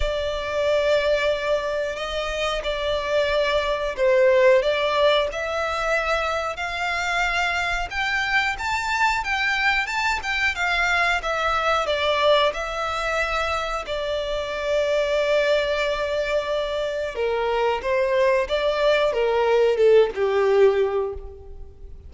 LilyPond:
\new Staff \with { instrumentName = "violin" } { \time 4/4 \tempo 4 = 91 d''2. dis''4 | d''2 c''4 d''4 | e''2 f''2 | g''4 a''4 g''4 a''8 g''8 |
f''4 e''4 d''4 e''4~ | e''4 d''2.~ | d''2 ais'4 c''4 | d''4 ais'4 a'8 g'4. | }